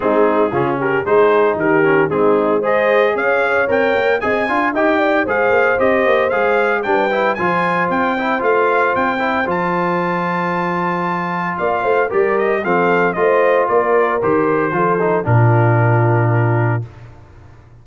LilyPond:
<<
  \new Staff \with { instrumentName = "trumpet" } { \time 4/4 \tempo 4 = 114 gis'4. ais'8 c''4 ais'4 | gis'4 dis''4 f''4 g''4 | gis''4 g''4 f''4 dis''4 | f''4 g''4 gis''4 g''4 |
f''4 g''4 a''2~ | a''2 f''4 d''8 dis''8 | f''4 dis''4 d''4 c''4~ | c''4 ais'2. | }
  \new Staff \with { instrumentName = "horn" } { \time 4/4 dis'4 f'8 g'8 gis'4 g'4 | dis'4 c''4 cis''2 | dis''8 f''8 dis''8 d''8 c''2~ | c''4 b'4 c''2~ |
c''1~ | c''2 d''8 c''8 ais'4 | a'4 c''4 ais'2 | a'4 f'2. | }
  \new Staff \with { instrumentName = "trombone" } { \time 4/4 c'4 cis'4 dis'4. cis'8 | c'4 gis'2 ais'4 | gis'8 f'8 g'4 gis'4 g'4 | gis'4 d'8 e'8 f'4. e'8 |
f'4. e'8 f'2~ | f'2. g'4 | c'4 f'2 g'4 | f'8 dis'8 d'2. | }
  \new Staff \with { instrumentName = "tuba" } { \time 4/4 gis4 cis4 gis4 dis4 | gis2 cis'4 c'8 ais8 | c'8 d'8 dis'4 gis8 ais8 c'8 ais8 | gis4 g4 f4 c'4 |
a4 c'4 f2~ | f2 ais8 a8 g4 | f4 a4 ais4 dis4 | f4 ais,2. | }
>>